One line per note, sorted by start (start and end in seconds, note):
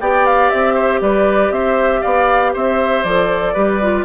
0.00 0.51 B3
0.00 3.06 G4
0.00 0.74 D5
0.00 0.25 G5
0.25 0.49 F5
0.49 1.01 C4
0.49 1.00 E5
0.74 0.99 C5
1.01 1.50 G3
1.01 1.53 B4
1.01 1.52 D5
1.50 2.01 C4
1.50 2.01 C5
1.50 2.02 E5
2.01 2.55 B3
2.01 2.52 D5
2.01 2.53 F5
2.53 3.03 C4
2.53 3.53 C5
2.53 3.03 E5
3.03 3.54 F3
3.03 3.55 A4
3.03 4.05 D5
3.53 4.05 G3
3.53 3.81 G4
3.53 4.04 B4
3.82 4.05 F4